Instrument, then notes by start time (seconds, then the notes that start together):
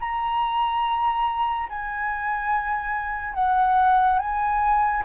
flute
0.00 A#5
1.69 G#5
3.34 F#5
4.19 G#5